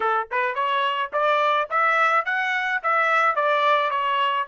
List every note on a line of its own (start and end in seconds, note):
0.00 0.28 A4
0.31 0.54 B4
0.54 1.10 C#5
1.12 1.68 D5
1.70 2.25 E5
2.25 2.81 F#5
2.82 3.35 E5
3.35 3.90 D5
3.90 4.46 C#5